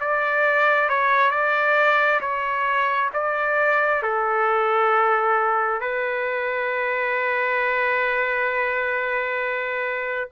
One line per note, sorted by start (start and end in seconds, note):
0.00 0.89 D5
0.89 1.30 C#5
1.30 2.20 D5
2.20 3.10 C#5
3.13 4.03 D5
4.03 5.80 A4
5.80 10.28 B4